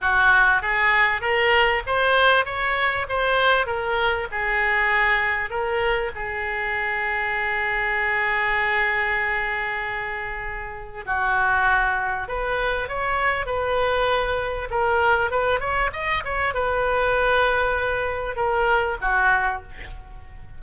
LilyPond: \new Staff \with { instrumentName = "oboe" } { \time 4/4 \tempo 4 = 98 fis'4 gis'4 ais'4 c''4 | cis''4 c''4 ais'4 gis'4~ | gis'4 ais'4 gis'2~ | gis'1~ |
gis'2 fis'2 | b'4 cis''4 b'2 | ais'4 b'8 cis''8 dis''8 cis''8 b'4~ | b'2 ais'4 fis'4 | }